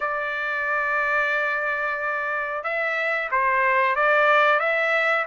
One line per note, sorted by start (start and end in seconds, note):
0.00 2.63 D5
2.63 3.29 E5
3.31 3.95 C5
3.95 4.59 D5
4.59 5.25 E5